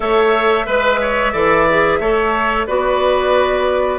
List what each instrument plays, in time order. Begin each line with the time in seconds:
0.00 bassoon A3, clarinet A4, oboe C#5, flute E5
0.66 bassoon G#3, oboe B4, clarinet B4
1.01 oboe C#5
1.32 bassoon E3, clarinet A4, oboe D5
1.69 clarinet G#4
1.99 bassoon A3, clarinet A4, oboe C#5
2.67 bassoon B3, clarinet F#4, oboe B4, flute D5